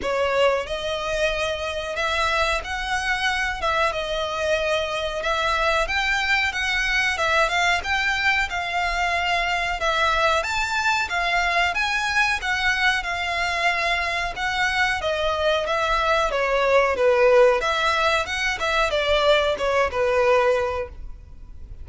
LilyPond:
\new Staff \with { instrumentName = "violin" } { \time 4/4 \tempo 4 = 92 cis''4 dis''2 e''4 | fis''4. e''8 dis''2 | e''4 g''4 fis''4 e''8 f''8 | g''4 f''2 e''4 |
a''4 f''4 gis''4 fis''4 | f''2 fis''4 dis''4 | e''4 cis''4 b'4 e''4 | fis''8 e''8 d''4 cis''8 b'4. | }